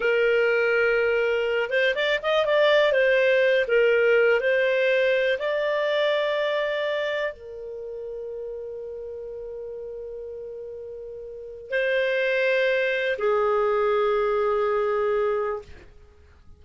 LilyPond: \new Staff \with { instrumentName = "clarinet" } { \time 4/4 \tempo 4 = 123 ais'2.~ ais'8 c''8 | d''8 dis''8 d''4 c''4. ais'8~ | ais'4 c''2 d''4~ | d''2. ais'4~ |
ais'1~ | ais'1 | c''2. gis'4~ | gis'1 | }